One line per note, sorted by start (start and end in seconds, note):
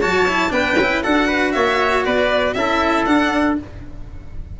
0.00 0.51 F#3
0.00 0.26 F#4
0.00 0.51 C#5
0.00 0.52 A5
0.28 0.49 E4
0.49 0.76 B3
0.49 0.74 D4
0.49 1.03 B4
0.49 1.03 G5
0.77 1.03 C#4
0.77 1.03 E4
1.03 1.55 D4
1.03 2.56 F#4
1.03 1.27 A4
1.03 1.52 F#5
1.27 1.52 B4
1.52 2.06 A#3
1.52 2.05 C#5
1.52 2.03 E5
2.05 2.55 B3
2.05 2.56 B4
2.05 2.53 D5
2.53 3.06 C#4
2.53 3.07 E4
2.53 3.59 A4
2.53 3.04 E5
3.05 3.57 D4
3.05 3.58 D4
3.05 3.56 F#5